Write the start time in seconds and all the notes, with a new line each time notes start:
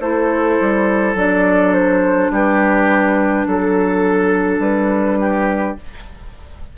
0.00 A3 E4 A4 C5
0.60 G3
1.14 F#3 D4 D5
1.73 C5
2.30 G3 G4 B4
3.46 F#3 A4
4.59 G3 B4
5.19 G4